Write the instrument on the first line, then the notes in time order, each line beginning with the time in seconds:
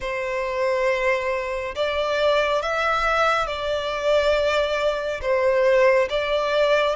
violin
0.00 C5
1.75 D5
2.62 E5
3.46 D5
5.21 C5
6.09 D5